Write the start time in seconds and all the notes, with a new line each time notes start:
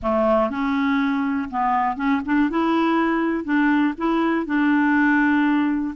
0.02 A3
0.50 C#4
1.50 B3
1.96 C#4
2.25 D4
2.50 E4
3.44 D4
3.97 E4
4.46 D4